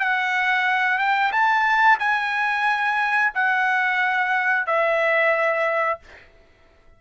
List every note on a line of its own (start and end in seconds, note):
0.00 0.98 F#5
0.98 1.32 G5
1.32 1.99 A5
2.00 3.33 G#5
3.35 4.67 F#5
4.67 6.00 E5